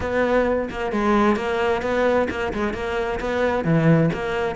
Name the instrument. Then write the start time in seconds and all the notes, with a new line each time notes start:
cello
0.00 B3
0.70 A#3
0.92 G#3
1.36 A#3
1.82 B3
2.30 A#3
2.53 G#3
2.73 A#3
3.19 B3
3.64 E3
4.13 A#3